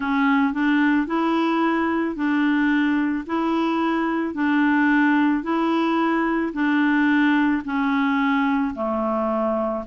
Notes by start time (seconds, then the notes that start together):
0.00 C#4
0.53 D4
1.07 E4
2.15 D4
3.26 E4
4.34 D4
5.43 E4
6.53 D4
7.65 C#4
8.74 A3